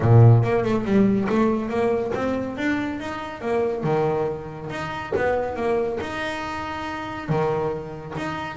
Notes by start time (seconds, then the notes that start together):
0.00 A#2
0.43 A#3
0.64 A3
0.85 G3
1.29 A3
1.69 A#3
2.14 C4
2.57 D4
2.99 D#4
3.41 A#3
3.83 D#3
4.70 D#4
5.15 B3
5.56 A#3
6.00 D#4
7.28 D#3
8.17 D#4